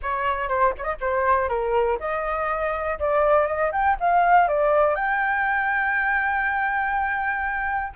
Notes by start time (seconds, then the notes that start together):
0.02 C#5
0.48 C5
0.78 C#5 D#5
1.01 C5
1.48 A#4
1.99 D#5
2.99 D5
3.46 D#5
3.71 G5
3.99 F5
4.48 D5
4.95 G5